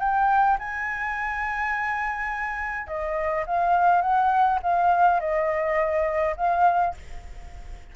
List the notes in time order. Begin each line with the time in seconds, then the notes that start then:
0.00 G5
0.59 G#5
2.87 D#5
3.47 F5
4.02 F#5
4.63 F5
5.20 D#5
6.37 F5